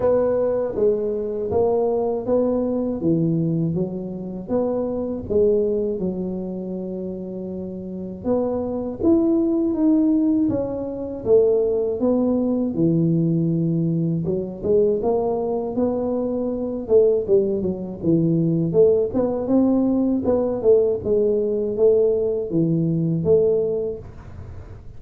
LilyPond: \new Staff \with { instrumentName = "tuba" } { \time 4/4 \tempo 4 = 80 b4 gis4 ais4 b4 | e4 fis4 b4 gis4 | fis2. b4 | e'4 dis'4 cis'4 a4 |
b4 e2 fis8 gis8 | ais4 b4. a8 g8 fis8 | e4 a8 b8 c'4 b8 a8 | gis4 a4 e4 a4 | }